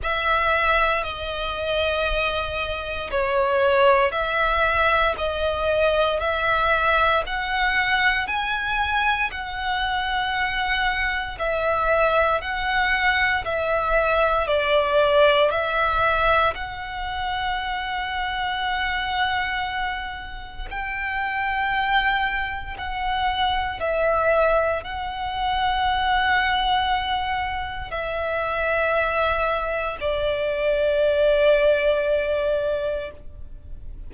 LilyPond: \new Staff \with { instrumentName = "violin" } { \time 4/4 \tempo 4 = 58 e''4 dis''2 cis''4 | e''4 dis''4 e''4 fis''4 | gis''4 fis''2 e''4 | fis''4 e''4 d''4 e''4 |
fis''1 | g''2 fis''4 e''4 | fis''2. e''4~ | e''4 d''2. | }